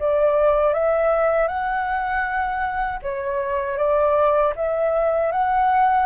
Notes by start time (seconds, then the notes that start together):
0.00 D5
0.74 E5
1.48 F#5
3.03 C#5
3.78 D5
4.56 E5
5.32 F#5